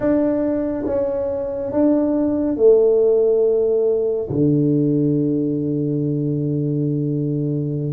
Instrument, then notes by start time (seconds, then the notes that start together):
tuba
0.00 D4
0.86 C#4
1.72 D4
2.56 A3
4.29 D3